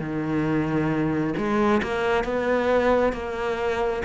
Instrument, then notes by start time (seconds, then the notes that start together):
cello
0.00 D#3
1.38 G#3
1.83 A#3
2.24 B3
3.13 A#3